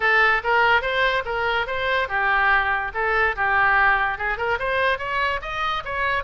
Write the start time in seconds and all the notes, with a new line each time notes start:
0.00 A4
0.43 A#4
0.81 C5
1.25 A#4
1.66 C5
2.08 G4
2.93 A4
3.35 G4
4.18 G#4
4.37 A#4
4.59 C5
4.98 C#5
5.41 D#5
5.84 C#5